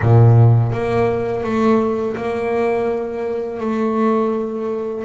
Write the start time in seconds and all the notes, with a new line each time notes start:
0.02 A#2
0.72 A#3
1.43 A3
2.16 A#3
3.60 A3